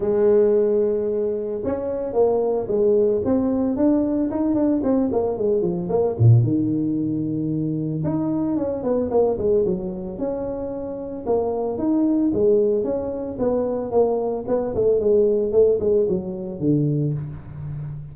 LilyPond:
\new Staff \with { instrumentName = "tuba" } { \time 4/4 \tempo 4 = 112 gis2. cis'4 | ais4 gis4 c'4 d'4 | dis'8 d'8 c'8 ais8 gis8 f8 ais8 ais,8 | dis2. dis'4 |
cis'8 b8 ais8 gis8 fis4 cis'4~ | cis'4 ais4 dis'4 gis4 | cis'4 b4 ais4 b8 a8 | gis4 a8 gis8 fis4 d4 | }